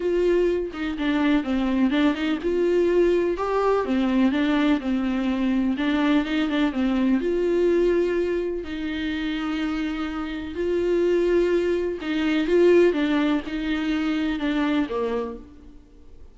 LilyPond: \new Staff \with { instrumentName = "viola" } { \time 4/4 \tempo 4 = 125 f'4. dis'8 d'4 c'4 | d'8 dis'8 f'2 g'4 | c'4 d'4 c'2 | d'4 dis'8 d'8 c'4 f'4~ |
f'2 dis'2~ | dis'2 f'2~ | f'4 dis'4 f'4 d'4 | dis'2 d'4 ais4 | }